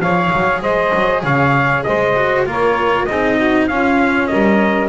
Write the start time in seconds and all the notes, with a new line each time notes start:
0.00 F3 G#4 C#5 F5
0.33 F#3
0.61 G#3 C5 D#5
0.94 F#3
1.23 C#3 C#5 F5
1.83 G#3 C5 D#5
2.16 F#4
2.46 A#3 F4 A#4 C#5
3.05 C4 G#4 D#5
3.12 D#4
3.36 F#4
3.67 C#4 F4 F5
4.27 G3 A#4 D#5